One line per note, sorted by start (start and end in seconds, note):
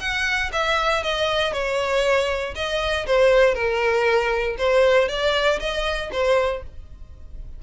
0.00 0.51 F#5
0.53 1.04 E5
1.04 1.53 D#5
1.53 2.54 C#5
2.55 3.06 D#5
3.07 3.55 C5
3.55 4.56 A#4
4.58 5.08 C5
5.08 5.59 D5
5.60 6.11 D#5
6.12 6.63 C5